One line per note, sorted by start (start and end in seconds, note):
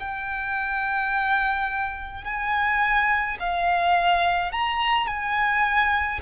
0.00 2.25 G5
2.25 3.38 G#5
3.40 4.52 F5
4.52 5.07 A#5
5.07 6.21 G#5